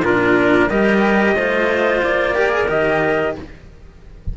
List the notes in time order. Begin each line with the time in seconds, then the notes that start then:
0.00 A#2 D4 F4 A#4
0.68 G3 G4 A#4 D#5
1.35 A3 F4 C5
2.03 A#3 D5
2.35 G4 A#4
2.49 G#4
2.68 D#3 G4 D#5